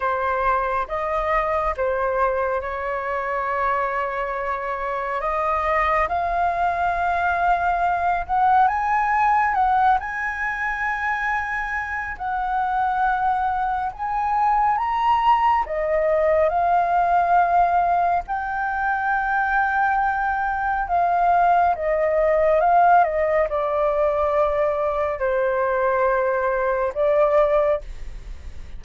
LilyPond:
\new Staff \with { instrumentName = "flute" } { \time 4/4 \tempo 4 = 69 c''4 dis''4 c''4 cis''4~ | cis''2 dis''4 f''4~ | f''4. fis''8 gis''4 fis''8 gis''8~ | gis''2 fis''2 |
gis''4 ais''4 dis''4 f''4~ | f''4 g''2. | f''4 dis''4 f''8 dis''8 d''4~ | d''4 c''2 d''4 | }